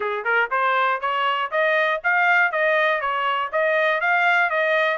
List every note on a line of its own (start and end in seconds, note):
0.00 0.24 G#4
0.24 0.49 A#4
0.50 1.00 C5
1.00 1.50 C#5
1.51 2.01 D#5
2.03 2.51 F5
2.51 3.00 D#5
3.00 3.50 C#5
3.52 4.00 D#5
4.00 4.50 F5
4.50 4.97 D#5